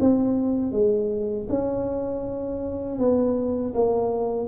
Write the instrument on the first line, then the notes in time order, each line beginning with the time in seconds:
tuba
0.00 C4
0.71 G#3
1.49 C#4
2.98 B3
3.74 A#3